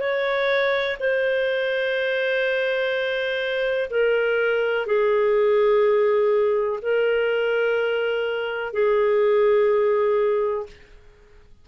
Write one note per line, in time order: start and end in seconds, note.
0.00 0.97 C#5
0.99 3.90 C5
3.90 4.86 A#4
4.86 6.80 G#4
6.82 8.73 A#4
8.73 10.66 G#4